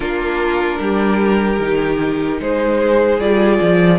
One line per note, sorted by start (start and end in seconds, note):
0.00 0.79 A#3
0.00 1.60 D4
0.00 0.78 F4
0.00 2.40 A#4
0.79 1.59 G3
0.79 2.41 G4
1.59 2.39 D#3
1.59 3.20 D#4
2.40 3.19 G#3
2.40 3.99 G#4
2.40 3.20 C5
3.19 3.59 G3
3.19 3.99 F4
3.19 3.99 D5
3.61 3.99 F3